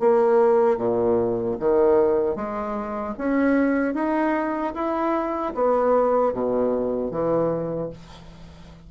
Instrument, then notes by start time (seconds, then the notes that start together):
bassoon
0.00 A#3
0.78 A#2
1.59 D#3
2.36 G#3
3.18 C#4
3.94 D#4
4.74 E4
5.55 B3
6.33 B2
7.11 E3